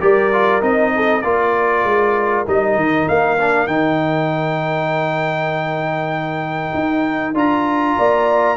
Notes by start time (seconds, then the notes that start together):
0.00 G3 G4 A#4 D5
0.32 F4
0.61 C4 D#4 D#5
0.95 A4
1.21 A#3 F4 A#4 D5
1.83 G#3
2.46 G3 D#4 D#5
2.75 D#3
3.08 A#3 F5
3.39 D4
3.67 D#3 D#4 G5
6.74 D#4
7.34 D4 F4 A#5
7.97 A#3 D5